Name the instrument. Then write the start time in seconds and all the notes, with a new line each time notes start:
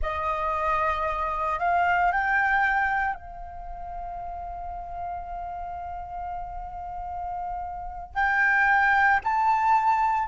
flute
0.01 D#5
1.59 F5
2.11 G5
3.14 F5
8.14 G5
9.23 A5